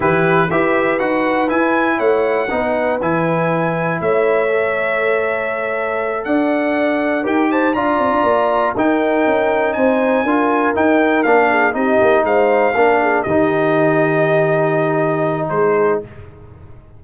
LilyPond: <<
  \new Staff \with { instrumentName = "trumpet" } { \time 4/4 \tempo 4 = 120 b'4 e''4 fis''4 gis''4 | fis''2 gis''2 | e''1~ | e''8 fis''2 g''8 a''8 ais''8~ |
ais''4. g''2 gis''8~ | gis''4. g''4 f''4 dis''8~ | dis''8 f''2 dis''4.~ | dis''2. c''4 | }
  \new Staff \with { instrumentName = "horn" } { \time 4/4 g'4 b'2. | cis''4 b'2. | cis''1~ | cis''8 d''2 ais'8 c''8 d''8~ |
d''4. ais'2 c''8~ | c''8 ais'2~ ais'8 gis'8 g'8~ | g'8 c''4 ais'8 gis'8 g'4.~ | g'2. gis'4 | }
  \new Staff \with { instrumentName = "trombone" } { \time 4/4 e'4 g'4 fis'4 e'4~ | e'4 dis'4 e'2~ | e'4 a'2.~ | a'2~ a'8 g'4 f'8~ |
f'4. dis'2~ dis'8~ | dis'8 f'4 dis'4 d'4 dis'8~ | dis'4. d'4 dis'4.~ | dis'1 | }
  \new Staff \with { instrumentName = "tuba" } { \time 4/4 e4 e'4 dis'4 e'4 | a4 b4 e2 | a1~ | a8 d'2 dis'4 d'8 |
c'16 d'16 ais4 dis'4 cis'4 c'8~ | c'8 d'4 dis'4 ais4 c'8 | ais8 gis4 ais4 dis4.~ | dis2. gis4 | }
>>